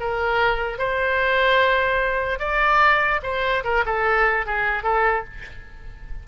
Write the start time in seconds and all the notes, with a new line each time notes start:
0.00 A#4
0.79 C5
2.40 D5
3.23 C5
3.64 A#4
3.86 A4
4.46 G#4
4.83 A4